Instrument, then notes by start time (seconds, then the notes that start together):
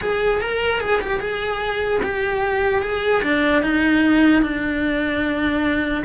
cello
0.01 G#4
0.41 A#4
0.80 G#4
1.01 G4
1.20 G#4
2.02 G4
2.82 G#4
3.23 D4
3.62 D#4
4.42 D4